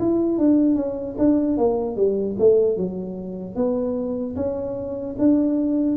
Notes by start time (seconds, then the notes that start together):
0.00 E4
0.39 D4
0.76 C#4
1.19 D4
1.58 A#3
1.97 G3
2.40 A3
2.77 F#3
3.56 B3
4.36 C#4
5.19 D4